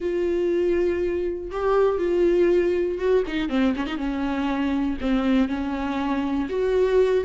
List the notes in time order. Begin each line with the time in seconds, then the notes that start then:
0.00 F4
1.51 G4
1.98 F4
2.98 F#4
3.27 D#4
3.49 C4
3.75 C#4
3.86 D#4
3.97 C#4
5.00 C4
5.48 C#4
6.49 F#4